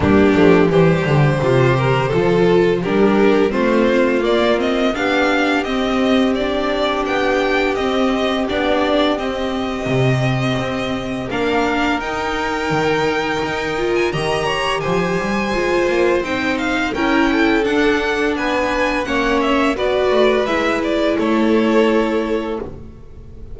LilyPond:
<<
  \new Staff \with { instrumentName = "violin" } { \time 4/4 \tempo 4 = 85 g'4 c''2. | ais'4 c''4 d''8 dis''8 f''4 | dis''4 d''4 g''4 dis''4 | d''4 dis''2. |
f''4 g''2~ g''8. gis''16 | ais''4 gis''2 g''8 f''8 | g''4 fis''4 gis''4 fis''8 e''8 | d''4 e''8 d''8 cis''2 | }
  \new Staff \with { instrumentName = "violin" } { \time 4/4 d'4 g'4 f'8 ais'8 a'4 | g'4 f'2 g'4~ | g'1~ | g'1 |
ais'1 | dis''8 cis''8 c''2. | ais'8 a'4. b'4 cis''4 | b'2 a'2 | }
  \new Staff \with { instrumentName = "viola" } { \time 4/4 ais8 a8 g4 g'4 f'4 | d'4 c'4 ais8 c'8 d'4 | c'4 d'2 c'4 | d'4 c'2. |
d'4 dis'2~ dis'8 f'8 | g'2 f'4 dis'4 | e'4 d'2 cis'4 | fis'4 e'2. | }
  \new Staff \with { instrumentName = "double bass" } { \time 4/4 g8 f8 e8 d8 c4 f4 | g4 a4 ais4 b4 | c'2 b4 c'4 | b4 c'4 c4 c'4 |
ais4 dis'4 dis4 dis'4 | dis4 f8 g8 gis8 ais8 c'4 | cis'4 d'4 b4 ais4 | b8 a8 gis4 a2 | }
>>